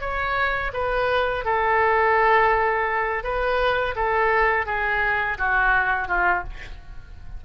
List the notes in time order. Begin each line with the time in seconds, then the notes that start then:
0.00 C#5
0.73 B4
1.44 A4
3.23 B4
3.95 A4
4.66 G#4
5.38 F#4
6.07 F4